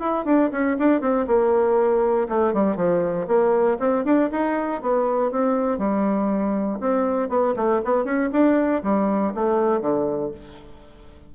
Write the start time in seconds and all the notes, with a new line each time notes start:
0.00 E4
0.25 D4
0.52 C#4
0.79 D4
1.01 C4
1.27 A#3
2.29 A3
2.53 G3
2.76 F3
3.28 A#3
3.80 C4
4.05 D4
4.31 D#4
4.82 B3
5.31 C4
5.78 G3
6.80 C4
7.29 B3
7.56 A3
7.85 B3
8.05 C#4
8.32 D4
8.83 G3
9.35 A3
9.81 D3